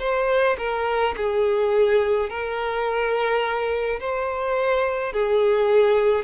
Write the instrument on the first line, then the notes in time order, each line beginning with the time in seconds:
violin
0.00 C5
0.59 A#4
1.17 G#4
2.30 A#4
4.00 C5
5.13 G#4